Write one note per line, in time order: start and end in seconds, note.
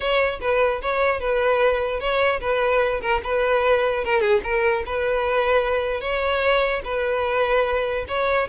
0.00 0.39 C#5
0.40 0.81 B4
0.81 1.20 C#5
1.20 2.00 B4
2.00 2.40 C#5
2.40 3.00 B4
3.01 3.21 A#4
3.23 4.04 B4
4.04 4.20 A#4
4.20 4.41 G#4
4.43 4.83 A#4
4.85 6.00 B4
6.00 6.81 C#5
6.84 8.05 B4
8.07 8.48 C#5